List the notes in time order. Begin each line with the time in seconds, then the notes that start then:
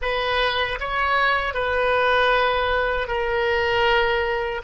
0.01 B4
0.79 C#5
1.53 B4
3.07 A#4